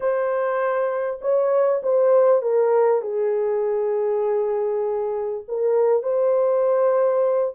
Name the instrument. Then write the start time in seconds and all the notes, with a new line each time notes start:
horn
0.00 C5
1.21 C#5
1.82 C5
2.42 A#4
3.01 G#4
5.47 A#4
6.02 C5